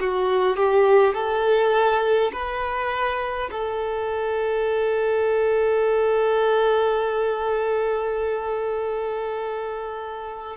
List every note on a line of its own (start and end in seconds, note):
0.00 0.57 F#4
0.57 1.14 G4
1.14 2.32 A4
2.32 3.50 B4
3.51 10.57 A4